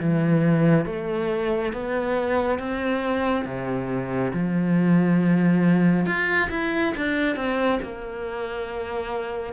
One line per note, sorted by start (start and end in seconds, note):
0.00 0.86 E3
0.86 1.73 A3
1.73 2.59 B3
2.59 3.46 C4
3.46 4.33 C3
4.34 6.06 F3
6.06 6.50 F4
6.51 6.94 E4
6.97 7.37 D4
7.37 7.80 C4
7.83 9.54 A#3